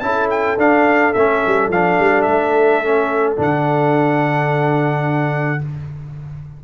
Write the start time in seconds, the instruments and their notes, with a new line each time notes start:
0.00 tuba C#4, trombone E4, horn A4, trumpet A5
0.30 trumpet G5
0.57 tuba D4, trombone D4, trumpet F5
1.14 tuba A3, trombone C#4, trumpet E5
1.46 tuba G3
1.69 tuba F3, trombone D4, trumpet F5
2.00 tuba G3
2.22 tuba A3, trumpet E5
2.84 trombone C#4
3.37 tuba D3, trombone D4, trumpet F#5